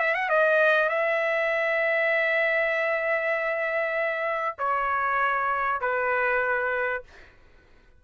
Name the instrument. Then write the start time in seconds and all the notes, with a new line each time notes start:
trumpet
0.00 E5
0.15 F#5
0.30 D#5
0.90 E5
4.59 C#5
5.81 B4